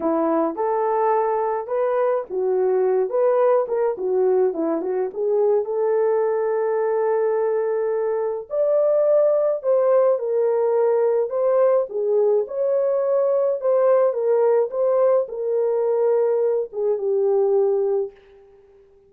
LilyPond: \new Staff \with { instrumentName = "horn" } { \time 4/4 \tempo 4 = 106 e'4 a'2 b'4 | fis'4. b'4 ais'8 fis'4 | e'8 fis'8 gis'4 a'2~ | a'2. d''4~ |
d''4 c''4 ais'2 | c''4 gis'4 cis''2 | c''4 ais'4 c''4 ais'4~ | ais'4. gis'8 g'2 | }